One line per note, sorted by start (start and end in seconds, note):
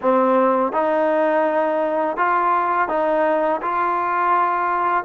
0.01 0.72 C4
0.72 2.16 D#4
2.16 2.88 F4
2.88 3.60 D#4
3.61 5.04 F4